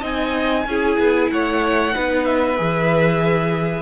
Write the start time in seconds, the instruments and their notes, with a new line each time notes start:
0.00 cello C4, viola D#4, violin D#5 G#5
0.66 cello C#4, viola E4, violin G#4
0.99 cello B3
1.30 cello A3, violin C#5 F#5
1.92 cello B3, viola D#4, violin B4
2.24 violin E5
2.57 cello E3, viola G#4